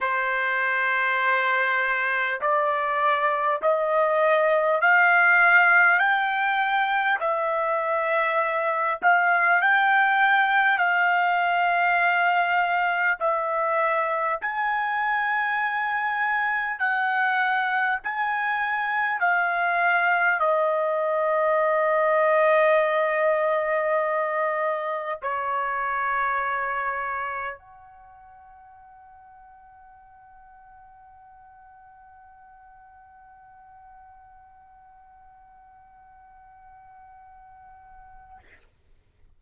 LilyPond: \new Staff \with { instrumentName = "trumpet" } { \time 4/4 \tempo 4 = 50 c''2 d''4 dis''4 | f''4 g''4 e''4. f''8 | g''4 f''2 e''4 | gis''2 fis''4 gis''4 |
f''4 dis''2.~ | dis''4 cis''2 fis''4~ | fis''1~ | fis''1 | }